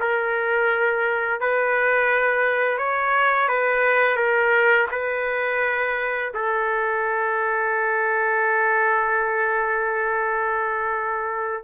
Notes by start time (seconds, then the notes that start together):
0.00 A#4
1.40 B4
2.78 C#5
3.48 B4
4.16 A#4
4.91 B4
6.34 A4